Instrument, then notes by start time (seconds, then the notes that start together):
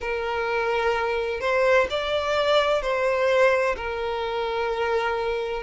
violin
0.00 A#4
1.40 C5
1.90 D5
2.82 C5
3.76 A#4